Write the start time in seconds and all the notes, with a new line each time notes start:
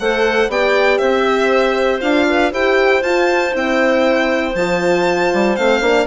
0.00 A3 A4 C5 F#5
0.49 B3 G4 D5 G5
0.98 C4 C5 E5
2.01 D4 F4 F5
2.29 B4
2.52 E4 G4 C5 G5
3.02 F4 A5
3.52 C4 E4 G5
4.55 F3 F4 A5
5.34 G3
5.56 A3 C4 F5
5.81 A#3 D4